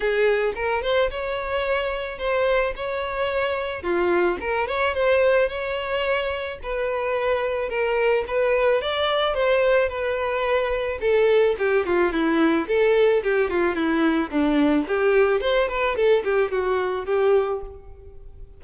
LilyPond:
\new Staff \with { instrumentName = "violin" } { \time 4/4 \tempo 4 = 109 gis'4 ais'8 c''8 cis''2 | c''4 cis''2 f'4 | ais'8 cis''8 c''4 cis''2 | b'2 ais'4 b'4 |
d''4 c''4 b'2 | a'4 g'8 f'8 e'4 a'4 | g'8 f'8 e'4 d'4 g'4 | c''8 b'8 a'8 g'8 fis'4 g'4 | }